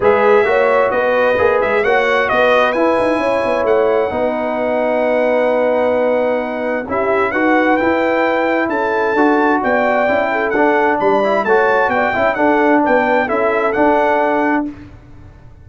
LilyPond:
<<
  \new Staff \with { instrumentName = "trumpet" } { \time 4/4 \tempo 4 = 131 e''2 dis''4. e''8 | fis''4 dis''4 gis''2 | fis''1~ | fis''2. e''4 |
fis''4 g''2 a''4~ | a''4 g''2 fis''4 | b''4 a''4 g''4 fis''4 | g''4 e''4 fis''2 | }
  \new Staff \with { instrumentName = "horn" } { \time 4/4 b'4 cis''4 b'2 | cis''4 b'2 cis''4~ | cis''4 b'2.~ | b'2. g'4 |
b'2. a'4~ | a'4 d''4. a'4. | d''4 cis''4 d''8 e''8 a'4 | b'4 a'2. | }
  \new Staff \with { instrumentName = "trombone" } { \time 4/4 gis'4 fis'2 gis'4 | fis'2 e'2~ | e'4 dis'2.~ | dis'2. e'4 |
fis'4 e'2. | fis'2 e'4 d'4~ | d'8 e'8 fis'4. e'8 d'4~ | d'4 e'4 d'2 | }
  \new Staff \with { instrumentName = "tuba" } { \time 4/4 gis4 ais4 b4 ais8 gis8 | ais4 b4 e'8 dis'8 cis'8 b8 | a4 b2.~ | b2. cis'4 |
dis'4 e'2 cis'4 | d'4 b4 cis'4 d'4 | g4 a4 b8 cis'8 d'4 | b4 cis'4 d'2 | }
>>